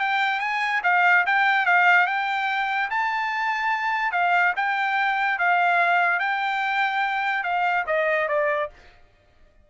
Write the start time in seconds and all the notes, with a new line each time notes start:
0.00 G5
0.40 G#5
0.84 F5
1.27 G5
1.66 F5
2.07 G5
2.90 A5
4.12 F5
4.56 G5
5.39 F5
6.20 G5
7.44 F5
7.87 D#5
8.29 D5